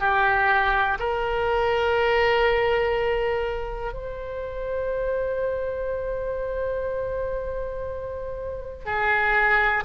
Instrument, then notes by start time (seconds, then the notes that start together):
oboe
0.00 G4
1.00 A#4
3.94 C5
8.86 G#4